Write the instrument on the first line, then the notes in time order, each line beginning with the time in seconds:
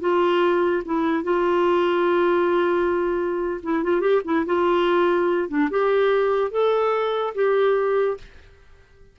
clarinet
0.00 F4
0.85 E4
1.23 F4
3.63 E4
3.83 F4
4.00 G4
4.24 E4
4.45 F4
5.48 D4
5.70 G4
6.51 A4
7.34 G4